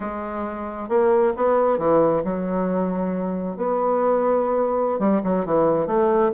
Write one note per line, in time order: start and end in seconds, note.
0.00 0.88 G#3
0.88 1.33 A#3
1.36 1.78 B3
1.78 2.22 E3
2.23 3.56 F#3
3.56 4.99 B3
4.99 5.21 G3
5.23 5.45 F#3
5.45 5.86 E3
5.86 6.31 A3